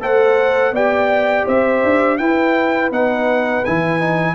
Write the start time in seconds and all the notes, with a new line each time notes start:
0.00 A3 A4 C5 F#5
0.71 B3 G4 D5 G5
1.45 C4 C5 E5
1.83 D4
2.17 E4 B4 G5
2.90 B3 D#4 F#5
3.65 E3 E4 G#5
3.99 D#4